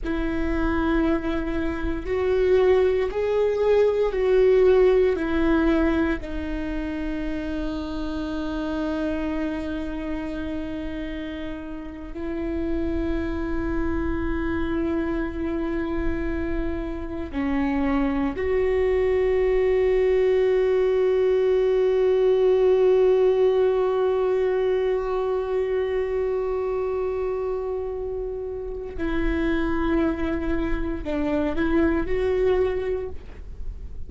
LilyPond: \new Staff \with { instrumentName = "viola" } { \time 4/4 \tempo 4 = 58 e'2 fis'4 gis'4 | fis'4 e'4 dis'2~ | dis'2.~ dis'8. e'16~ | e'1~ |
e'8. cis'4 fis'2~ fis'16~ | fis'1~ | fis'1 | e'2 d'8 e'8 fis'4 | }